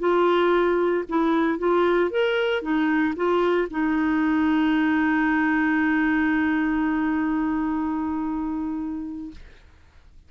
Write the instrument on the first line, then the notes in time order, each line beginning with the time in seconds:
clarinet
0.00 F4
1.09 E4
1.59 F4
2.11 A#4
2.62 D#4
3.17 F4
3.71 D#4